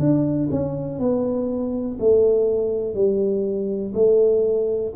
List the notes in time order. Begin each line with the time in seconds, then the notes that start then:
0.00 D4
0.51 C#4
0.99 B3
2.00 A3
2.95 G3
3.95 A3